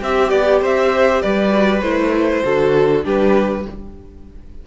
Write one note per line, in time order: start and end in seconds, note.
0.00 0.32 C4
0.00 1.48 G4
0.00 0.62 G4
0.00 0.30 E5
0.30 0.62 B3
0.30 0.60 D5
0.62 1.22 C4
0.62 1.22 C5
0.62 1.22 E5
1.22 1.82 G3
1.22 2.44 B4
1.22 1.82 D5
1.48 1.79 F#4
1.82 2.43 A3
1.82 2.44 E4
1.82 3.03 C5
2.44 3.05 D3
2.44 3.03 F#4
2.44 3.05 A4
3.03 3.66 G3
3.03 3.63 D4
3.03 3.66 G4
3.03 3.68 B4